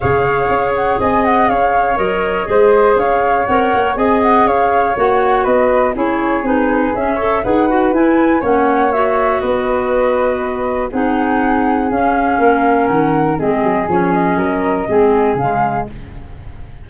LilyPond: <<
  \new Staff \with { instrumentName = "flute" } { \time 4/4 \tempo 4 = 121 f''4. fis''8 gis''8 fis''8 f''4 | dis''2 f''4 fis''4 | gis''8 fis''8 f''4 fis''4 dis''4 | cis''4 b'4 e''4 fis''4 |
gis''4 fis''4 e''4 dis''4~ | dis''2 fis''2 | f''2 fis''4 dis''4 | cis''8 dis''2~ dis''8 f''4 | }
  \new Staff \with { instrumentName = "flute" } { \time 4/4 cis''2 dis''4 cis''4~ | cis''4 c''4 cis''2 | dis''4 cis''2 b'4 | gis'2~ gis'8 cis''8 b'4~ |
b'4 cis''2 b'4~ | b'2 gis'2~ | gis'4 ais'2 gis'4~ | gis'4 ais'4 gis'2 | }
  \new Staff \with { instrumentName = "clarinet" } { \time 4/4 gis'1 | ais'4 gis'2 ais'4 | gis'2 fis'2 | e'4 dis'4 cis'8 a'8 gis'8 fis'8 |
e'4 cis'4 fis'2~ | fis'2 dis'2 | cis'2. c'4 | cis'2 c'4 gis4 | }
  \new Staff \with { instrumentName = "tuba" } { \time 4/4 cis4 cis'4 c'4 cis'4 | fis4 gis4 cis'4 c'8 ais8 | c'4 cis'4 ais4 b4 | cis'4 c'4 cis'4 dis'4 |
e'4 ais2 b4~ | b2 c'2 | cis'4 ais4 dis4 gis8 fis8 | f4 fis4 gis4 cis4 | }
>>